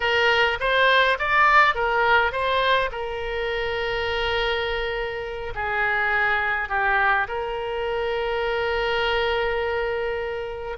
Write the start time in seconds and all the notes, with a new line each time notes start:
0.00 A#4
0.60 C5
1.18 D5
1.74 A#4
2.31 C5
2.91 A#4
5.54 G#4
6.69 G4
7.27 A#4